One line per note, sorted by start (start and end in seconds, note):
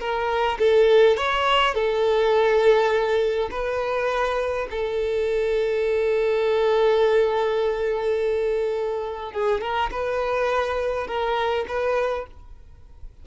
0.00 0.58 A#4
0.59 1.17 A4
1.17 1.75 C#5
1.75 3.50 A4
3.51 4.67 B4
4.70 9.33 A4
9.33 9.61 G#4
9.61 9.90 A#4
9.91 11.07 B4
11.07 11.66 A#4
11.68 12.26 B4